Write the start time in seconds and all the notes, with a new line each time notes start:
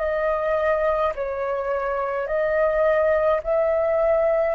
0.00 D#5
1.15 C#5
2.27 D#5
3.43 E5